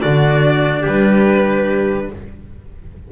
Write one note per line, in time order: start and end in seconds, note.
0.00 0.86 D3
0.00 2.08 D4
0.00 0.82 F#4
0.00 0.84 D5
0.82 2.11 G3
0.82 2.07 G4
0.82 2.12 B4